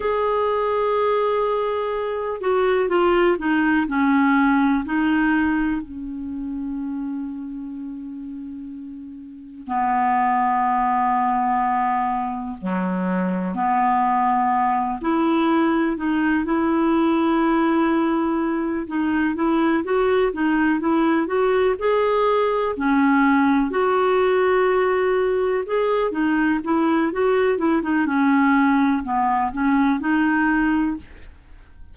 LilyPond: \new Staff \with { instrumentName = "clarinet" } { \time 4/4 \tempo 4 = 62 gis'2~ gis'8 fis'8 f'8 dis'8 | cis'4 dis'4 cis'2~ | cis'2 b2~ | b4 fis4 b4. e'8~ |
e'8 dis'8 e'2~ e'8 dis'8 | e'8 fis'8 dis'8 e'8 fis'8 gis'4 cis'8~ | cis'8 fis'2 gis'8 dis'8 e'8 | fis'8 e'16 dis'16 cis'4 b8 cis'8 dis'4 | }